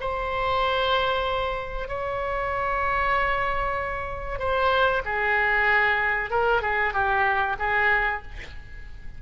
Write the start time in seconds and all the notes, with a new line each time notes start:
0.00 C5
1.88 C#5
4.39 C5
5.05 G#4
6.30 A#4
6.61 G#4
6.93 G4
7.59 G#4